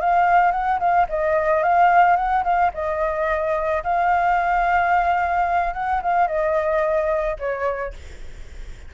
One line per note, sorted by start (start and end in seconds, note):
0.00 0.52 F5
0.52 0.79 F#5
0.80 1.07 F5
1.09 1.63 D#5
1.63 2.16 F5
2.16 2.44 F#5
2.44 2.71 F5
2.74 3.83 D#5
3.84 5.74 F5
5.74 6.01 F#5
6.02 6.27 F5
6.27 7.36 D#5
7.39 7.94 C#5